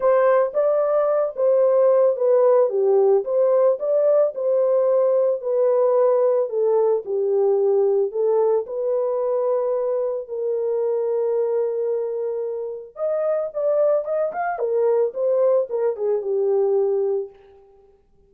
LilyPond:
\new Staff \with { instrumentName = "horn" } { \time 4/4 \tempo 4 = 111 c''4 d''4. c''4. | b'4 g'4 c''4 d''4 | c''2 b'2 | a'4 g'2 a'4 |
b'2. ais'4~ | ais'1 | dis''4 d''4 dis''8 f''8 ais'4 | c''4 ais'8 gis'8 g'2 | }